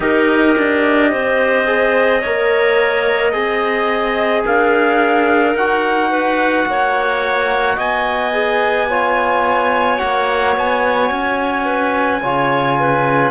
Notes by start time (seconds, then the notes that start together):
0.00 D#4 G4 A#4 D#5
0.57 D4
1.11 C4 C5
1.66 G#4
2.21 A#3 A#4 C#5
3.31 C4 G#4 D#5
4.44 D4 A#4 F5
5.54 D#4 F#4 F#5
6.10 B4
6.66 A#3 C#5
7.76 B3 D#5 G#5
8.33 G#4
8.89 F4 C#5
9.98 A#3 F#4 F#5
10.56 B3 G#5
11.10 C#4
11.65 B4
12.22 C#3 F4 C#5
12.79 B4